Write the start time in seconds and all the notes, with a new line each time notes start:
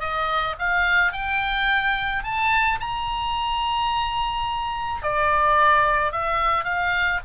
0.00 D#5
0.59 F5
1.12 G5
2.24 A5
2.80 A#5
5.02 D5
6.12 E5
6.64 F5